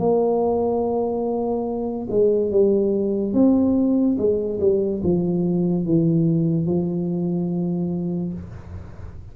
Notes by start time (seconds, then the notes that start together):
0.00 A#3
2.11 G#3
2.51 G3
3.34 C4
4.19 G#3
4.61 G3
5.04 F3
5.86 E3
6.67 F3